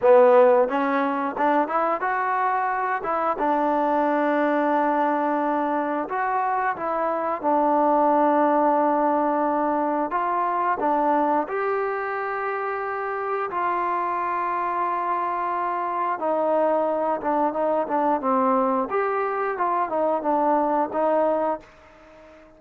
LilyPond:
\new Staff \with { instrumentName = "trombone" } { \time 4/4 \tempo 4 = 89 b4 cis'4 d'8 e'8 fis'4~ | fis'8 e'8 d'2.~ | d'4 fis'4 e'4 d'4~ | d'2. f'4 |
d'4 g'2. | f'1 | dis'4. d'8 dis'8 d'8 c'4 | g'4 f'8 dis'8 d'4 dis'4 | }